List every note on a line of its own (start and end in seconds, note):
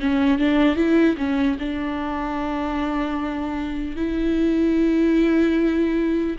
0.00 0.39 C#4
0.39 0.76 D4
0.76 1.16 E4
1.18 1.58 C#4
1.59 3.97 D4
3.97 6.37 E4